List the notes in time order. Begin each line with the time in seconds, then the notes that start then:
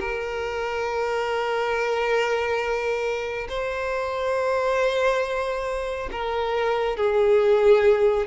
0.00 A#4
3.49 C5
6.11 A#4
6.97 G#4